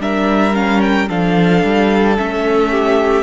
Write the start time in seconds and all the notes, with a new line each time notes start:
0.00 G3 D4 A#4 E5
0.54 C#4 F5
0.81 G5
1.09 F3 D4 A4 F5
1.64 G3
2.17 A3 C#4 E5
2.71 G4